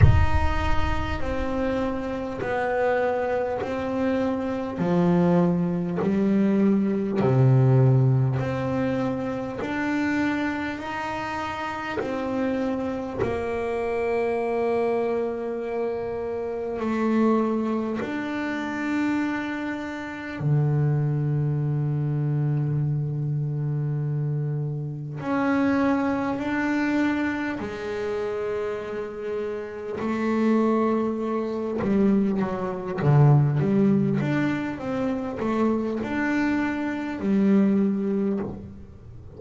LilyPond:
\new Staff \with { instrumentName = "double bass" } { \time 4/4 \tempo 4 = 50 dis'4 c'4 b4 c'4 | f4 g4 c4 c'4 | d'4 dis'4 c'4 ais4~ | ais2 a4 d'4~ |
d'4 d2.~ | d4 cis'4 d'4 gis4~ | gis4 a4. g8 fis8 d8 | g8 d'8 c'8 a8 d'4 g4 | }